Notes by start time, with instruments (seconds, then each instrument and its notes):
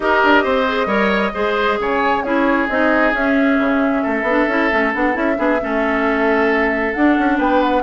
0.00 bassoon D#4, clarinet G4, oboe A#4, flute D#5
0.23 bassoon D4
0.43 bassoon C4, oboe C5
0.67 clarinet G#4
0.85 bassoon G3, clarinet A#4, oboe C#5
1.34 bassoon G#3, clarinet G#4, oboe C5
1.79 bassoon C#3, oboe C#5, flute G#5
2.23 bassoon C#4, clarinet E4, oboe G#4, flute C#5
2.68 bassoon C4, clarinet D#4, flute D#5
3.12 bassoon C#4, clarinet C#4, flute E5
3.58 bassoon C#3
4.02 bassoon A3, oboe A4
4.22 bassoon B3, clarinet D4
4.48 bassoon C#4, clarinet E4
4.70 bassoon A3, clarinet C#4
4.93 bassoon B3, clarinet D4, flute F#5
5.13 bassoon C#4, clarinet E4, flute E5
5.35 bassoon B3, clarinet D4, oboe G#4
5.61 bassoon A3, clarinet C#4, oboe A4
6.93 bassoon D4, clarinet D4, flute F#5
7.18 bassoon C#4
7.37 bassoon B3, oboe B4, flute G5
7.61 flute F#5